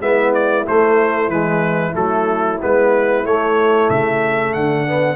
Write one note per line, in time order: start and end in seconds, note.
0.00 0.65 G#3
0.00 0.66 B3
0.00 4.54 E4
0.00 0.34 E5
0.34 0.66 D5
0.67 1.31 A3
0.67 1.28 A3
0.67 1.30 C5
1.28 1.92 E3
1.28 1.93 G#3
1.28 1.94 B4
1.93 2.60 F#3
1.93 2.57 A3
1.93 2.60 A4
2.61 3.25 G#3
2.61 3.26 B3
2.61 3.26 B4
3.25 3.90 A3
3.25 4.87 A3
3.25 3.90 C#5
3.90 4.54 C#3
3.90 4.53 E5
4.53 5.16 D3
4.53 5.16 D4
4.53 5.16 F#5
4.87 5.16 B3